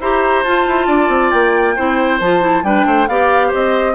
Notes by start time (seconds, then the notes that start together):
0.00 E4 G4 C5 A#5
0.43 F4 A5
0.67 E4
0.87 D4 D5
1.08 C4
1.31 A#3 G5
1.76 C4 E4 C5
2.19 F3 F4 A5
2.41 E4
2.63 G3 D4 B4 G5
2.85 A3 C5
3.07 B3 G4 D5 F5
3.48 C5 D#5
3.54 C4